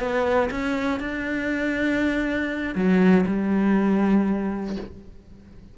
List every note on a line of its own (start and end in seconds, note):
0.00 0.50 B3
0.51 1.00 C#4
1.00 2.75 D4
2.75 3.25 F#3
3.27 4.77 G3